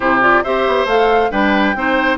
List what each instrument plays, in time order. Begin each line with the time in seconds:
0.00 bassoon C3, clarinet E4, oboe G4, flute C5
0.21 clarinet F4, flute D5
0.43 bassoon C4, clarinet G4, oboe C5, flute E5
0.67 bassoon B3
0.85 bassoon A3, clarinet A4, flute F5
1.30 bassoon G3, clarinet D4, oboe B4, flute G5
1.75 bassoon C4, clarinet D#4, oboe C5